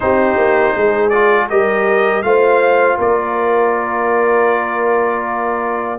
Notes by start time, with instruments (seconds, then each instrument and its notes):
0.00 tuba C4, trombone D#4, horn G4, trumpet C5
0.36 tuba A#3
0.75 tuba G#3, horn G#4
1.09 trombone F4, trumpet D5
1.49 tuba G3, trombone G4, horn A#4, trumpet D#5
2.22 tuba A3, trombone F4, horn C5, trumpet F5
2.97 tuba A#3, horn A#4, trumpet D5